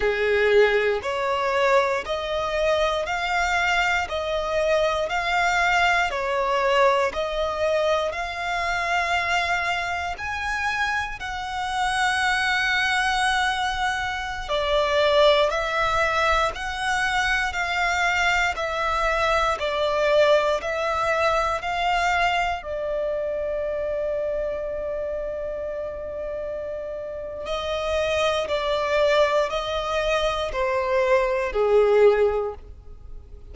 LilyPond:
\new Staff \with { instrumentName = "violin" } { \time 4/4 \tempo 4 = 59 gis'4 cis''4 dis''4 f''4 | dis''4 f''4 cis''4 dis''4 | f''2 gis''4 fis''4~ | fis''2~ fis''16 d''4 e''8.~ |
e''16 fis''4 f''4 e''4 d''8.~ | d''16 e''4 f''4 d''4.~ d''16~ | d''2. dis''4 | d''4 dis''4 c''4 gis'4 | }